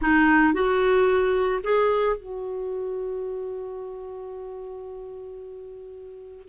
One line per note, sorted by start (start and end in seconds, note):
0.01 0.53 D#4
0.53 1.61 F#4
1.63 2.16 G#4
2.16 6.48 F#4